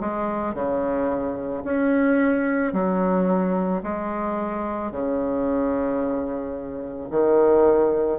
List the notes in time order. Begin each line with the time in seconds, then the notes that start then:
0.00 G#3
0.54 C#3
1.64 C#4
2.73 F#3
3.83 G#3
4.91 C#3
7.10 D#3